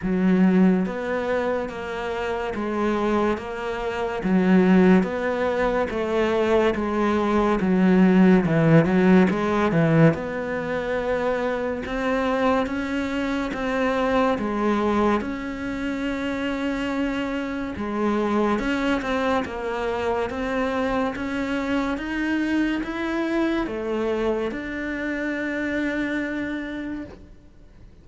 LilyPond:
\new Staff \with { instrumentName = "cello" } { \time 4/4 \tempo 4 = 71 fis4 b4 ais4 gis4 | ais4 fis4 b4 a4 | gis4 fis4 e8 fis8 gis8 e8 | b2 c'4 cis'4 |
c'4 gis4 cis'2~ | cis'4 gis4 cis'8 c'8 ais4 | c'4 cis'4 dis'4 e'4 | a4 d'2. | }